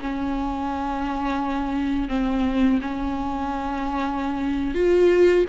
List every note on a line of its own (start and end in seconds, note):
0.00 2.09 C#4
2.09 2.79 C4
2.81 4.74 C#4
4.74 5.45 F4